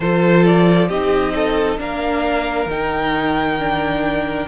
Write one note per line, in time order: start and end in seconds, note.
0.00 0.88 F3
0.00 0.91 F4
0.00 0.87 A4
0.00 0.44 C5
0.45 0.88 D5
0.87 1.78 C4
0.87 1.78 D#4
0.87 1.32 G4
0.87 1.78 D#5
1.34 1.79 A4
1.78 2.65 A#3
1.78 2.67 D4
1.78 4.47 A#4
1.78 2.70 F5
2.65 4.45 D#3
2.65 3.59 D#4
2.65 4.47 G5
3.59 4.47 D4